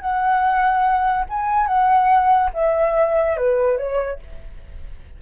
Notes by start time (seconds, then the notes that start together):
0.00 F#5
1.29 G#5
1.66 F#5
2.53 E5
3.36 B4
3.77 C#5